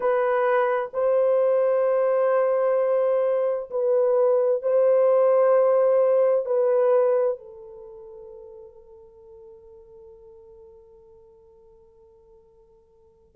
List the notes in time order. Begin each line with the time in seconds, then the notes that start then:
0.00 B4
0.93 C5
3.70 B4
4.62 C5
6.45 B4
7.38 A4